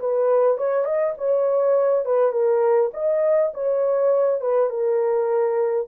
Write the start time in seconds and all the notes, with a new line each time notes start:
0.00 B4
0.58 C#5
0.85 D#5
1.18 C#5
2.06 B4
2.32 A#4
2.94 D#5
3.54 C#5
4.41 B4
4.70 A#4